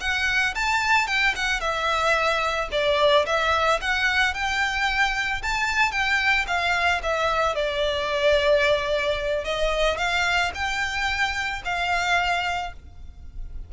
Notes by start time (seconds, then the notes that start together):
0.00 F#5
0.54 A5
1.07 G5
1.35 F#5
1.60 E5
2.71 D5
3.26 E5
3.81 F#5
4.34 G5
5.42 A5
5.91 G5
6.47 F5
7.02 E5
7.55 D5
9.44 D#5
9.97 F5
10.54 G5
11.64 F5